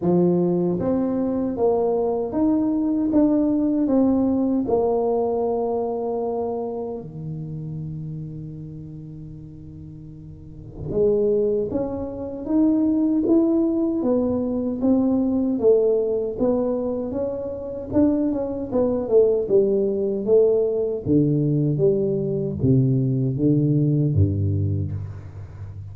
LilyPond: \new Staff \with { instrumentName = "tuba" } { \time 4/4 \tempo 4 = 77 f4 c'4 ais4 dis'4 | d'4 c'4 ais2~ | ais4 dis2.~ | dis2 gis4 cis'4 |
dis'4 e'4 b4 c'4 | a4 b4 cis'4 d'8 cis'8 | b8 a8 g4 a4 d4 | g4 c4 d4 g,4 | }